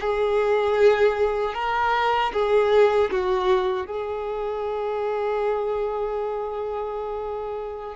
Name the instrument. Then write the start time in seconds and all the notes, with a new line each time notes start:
violin
0.00 G#4
1.54 A#4
2.33 G#4
3.11 F#4
3.87 G#4